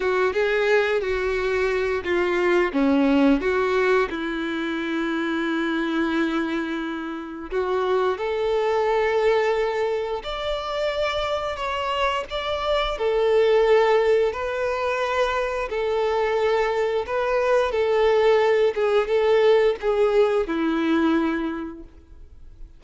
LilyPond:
\new Staff \with { instrumentName = "violin" } { \time 4/4 \tempo 4 = 88 fis'8 gis'4 fis'4. f'4 | cis'4 fis'4 e'2~ | e'2. fis'4 | a'2. d''4~ |
d''4 cis''4 d''4 a'4~ | a'4 b'2 a'4~ | a'4 b'4 a'4. gis'8 | a'4 gis'4 e'2 | }